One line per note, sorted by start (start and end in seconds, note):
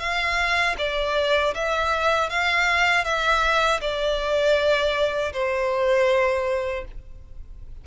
0.00 0.76 F5
0.78 1.54 D5
1.55 2.30 E5
2.30 3.05 F5
3.05 3.81 E5
3.81 5.33 D5
5.33 6.85 C5